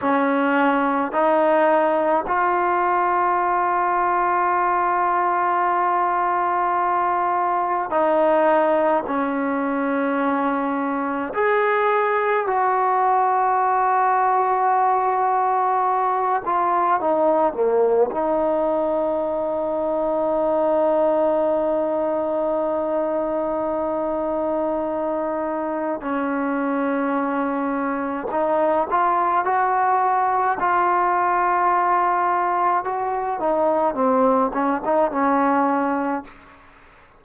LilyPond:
\new Staff \with { instrumentName = "trombone" } { \time 4/4 \tempo 4 = 53 cis'4 dis'4 f'2~ | f'2. dis'4 | cis'2 gis'4 fis'4~ | fis'2~ fis'8 f'8 dis'8 ais8 |
dis'1~ | dis'2. cis'4~ | cis'4 dis'8 f'8 fis'4 f'4~ | f'4 fis'8 dis'8 c'8 cis'16 dis'16 cis'4 | }